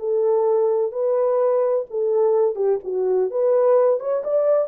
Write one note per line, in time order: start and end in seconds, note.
0.00 0.92 A4
0.92 1.86 B4
1.91 2.56 A4
2.56 2.79 G4
2.84 3.31 F#4
3.31 4.00 B4
4.00 4.24 C#5
4.24 4.69 D5